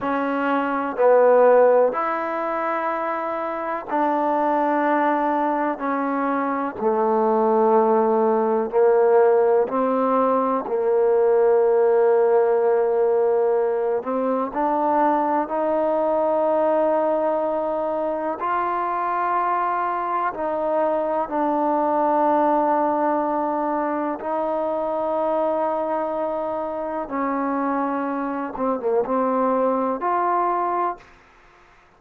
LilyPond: \new Staff \with { instrumentName = "trombone" } { \time 4/4 \tempo 4 = 62 cis'4 b4 e'2 | d'2 cis'4 a4~ | a4 ais4 c'4 ais4~ | ais2~ ais8 c'8 d'4 |
dis'2. f'4~ | f'4 dis'4 d'2~ | d'4 dis'2. | cis'4. c'16 ais16 c'4 f'4 | }